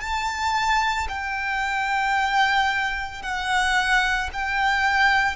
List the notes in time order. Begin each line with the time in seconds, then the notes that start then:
0.00 A5
1.09 G5
3.22 F#5
4.32 G5